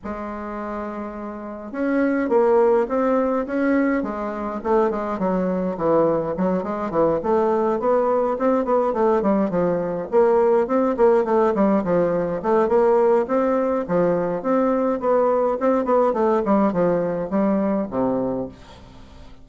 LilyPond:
\new Staff \with { instrumentName = "bassoon" } { \time 4/4 \tempo 4 = 104 gis2. cis'4 | ais4 c'4 cis'4 gis4 | a8 gis8 fis4 e4 fis8 gis8 | e8 a4 b4 c'8 b8 a8 |
g8 f4 ais4 c'8 ais8 a8 | g8 f4 a8 ais4 c'4 | f4 c'4 b4 c'8 b8 | a8 g8 f4 g4 c4 | }